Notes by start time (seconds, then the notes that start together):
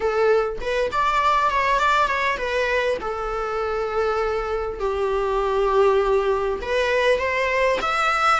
0.00 A4
0.60 B4
0.91 D5
1.50 C#5
1.79 D5
2.07 C#5
2.37 B4
3.00 A4
4.79 G4
6.61 B4
7.18 C5
7.81 E5